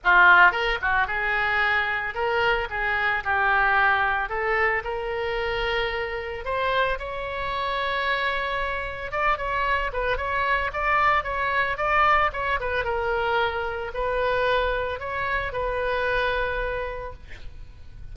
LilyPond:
\new Staff \with { instrumentName = "oboe" } { \time 4/4 \tempo 4 = 112 f'4 ais'8 fis'8 gis'2 | ais'4 gis'4 g'2 | a'4 ais'2. | c''4 cis''2.~ |
cis''4 d''8 cis''4 b'8 cis''4 | d''4 cis''4 d''4 cis''8 b'8 | ais'2 b'2 | cis''4 b'2. | }